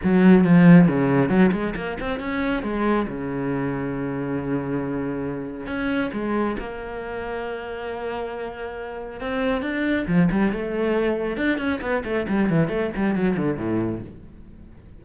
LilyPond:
\new Staff \with { instrumentName = "cello" } { \time 4/4 \tempo 4 = 137 fis4 f4 cis4 fis8 gis8 | ais8 c'8 cis'4 gis4 cis4~ | cis1~ | cis4 cis'4 gis4 ais4~ |
ais1~ | ais4 c'4 d'4 f8 g8 | a2 d'8 cis'8 b8 a8 | g8 e8 a8 g8 fis8 d8 a,4 | }